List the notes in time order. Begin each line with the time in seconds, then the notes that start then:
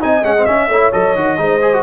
0.00 C4 D#4 D#5 G#5
0.23 G#3 C#4 F#5
0.38 C4
0.45 C#4 E5
0.68 A3 E4 C#5
0.92 F#3 A4 D#5
1.15 D#3 F#4
1.37 G#3 D#4 C5
1.61 G#4
1.73 F#4